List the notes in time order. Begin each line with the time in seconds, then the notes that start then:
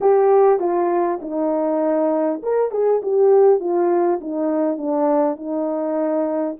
0.00 G4
0.59 F4
1.21 D#4
2.42 A#4
2.71 G#4
3.02 G4
3.59 F4
4.21 D#4
4.77 D4
5.36 D#4